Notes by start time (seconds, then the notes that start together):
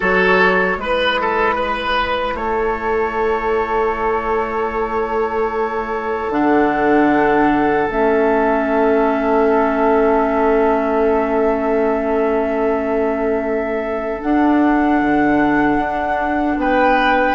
0.00 F#3 F#4 A4 C#5
0.77 G#3 E4 B4
1.20 A4
1.55 B4
2.34 A3 A4 C#5
6.29 D3 D4 F#5
7.88 A3 C#4 E5
14.22 D4 F#5
15.01 D3
15.78 D4
16.56 B3 B4 G5